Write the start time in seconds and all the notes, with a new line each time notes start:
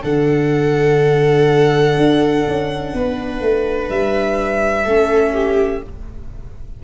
0.00 D3 D4 A4 F#5
1.97 D4
2.47 C#4
2.93 B3 B4
3.40 A3
3.89 G3 E5
4.84 A3 C#4 A4
5.33 G4